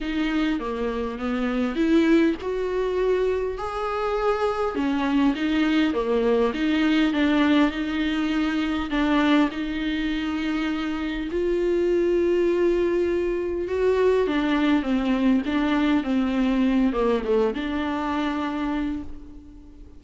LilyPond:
\new Staff \with { instrumentName = "viola" } { \time 4/4 \tempo 4 = 101 dis'4 ais4 b4 e'4 | fis'2 gis'2 | cis'4 dis'4 ais4 dis'4 | d'4 dis'2 d'4 |
dis'2. f'4~ | f'2. fis'4 | d'4 c'4 d'4 c'4~ | c'8 ais8 a8 d'2~ d'8 | }